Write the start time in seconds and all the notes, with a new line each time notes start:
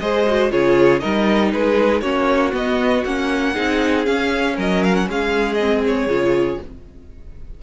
0.00 G#3 G#4 C5 D#5
0.28 F#4
0.51 C#3 F4 G#4 C#5
1.00 G3 D#4 A#4 D#5
1.53 G#3 G#4 B4
2.01 A#3 C#4 F#4 C#5
2.52 B3 D#5
3.05 A#3 C#4 F#5
3.53 C4 D#4 G#4
4.06 C#4 F5
4.56 F#3 A#4 D#5
4.84 F5
4.95 F#5
5.08 G#3 G#4 F5
5.54 C4 D#5
5.87 C#5
6.07 C#3 F4